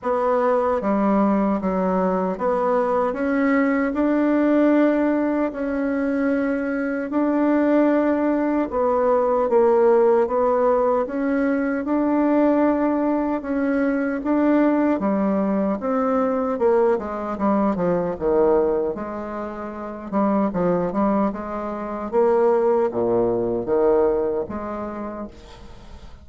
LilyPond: \new Staff \with { instrumentName = "bassoon" } { \time 4/4 \tempo 4 = 76 b4 g4 fis4 b4 | cis'4 d'2 cis'4~ | cis'4 d'2 b4 | ais4 b4 cis'4 d'4~ |
d'4 cis'4 d'4 g4 | c'4 ais8 gis8 g8 f8 dis4 | gis4. g8 f8 g8 gis4 | ais4 ais,4 dis4 gis4 | }